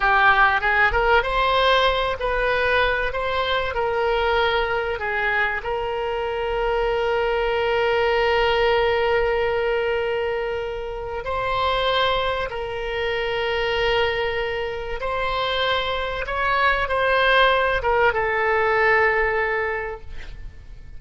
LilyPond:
\new Staff \with { instrumentName = "oboe" } { \time 4/4 \tempo 4 = 96 g'4 gis'8 ais'8 c''4. b'8~ | b'4 c''4 ais'2 | gis'4 ais'2.~ | ais'1~ |
ais'2 c''2 | ais'1 | c''2 cis''4 c''4~ | c''8 ais'8 a'2. | }